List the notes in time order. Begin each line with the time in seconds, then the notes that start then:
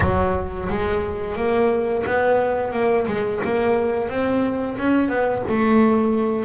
0.00 F#3
0.69 G#3
1.36 A#3
2.05 B3
2.72 A#3
3.07 G#3
3.44 A#3
4.09 C4
4.78 C#4
5.09 B3
5.48 A3